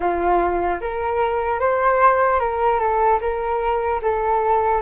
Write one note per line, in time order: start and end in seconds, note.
0.00 0.80 F4
0.80 1.59 A#4
1.59 2.39 C5
2.39 2.79 A#4
2.79 3.19 A4
3.20 4.00 A#4
4.02 4.81 A4